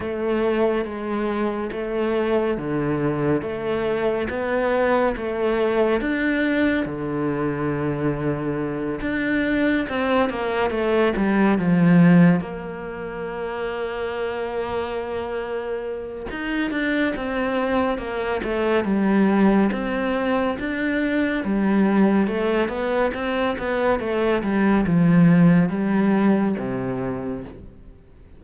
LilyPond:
\new Staff \with { instrumentName = "cello" } { \time 4/4 \tempo 4 = 70 a4 gis4 a4 d4 | a4 b4 a4 d'4 | d2~ d8 d'4 c'8 | ais8 a8 g8 f4 ais4.~ |
ais2. dis'8 d'8 | c'4 ais8 a8 g4 c'4 | d'4 g4 a8 b8 c'8 b8 | a8 g8 f4 g4 c4 | }